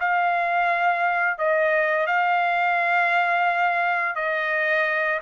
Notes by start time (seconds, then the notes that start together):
0.00 F5
1.38 D#5
2.07 F5
4.16 D#5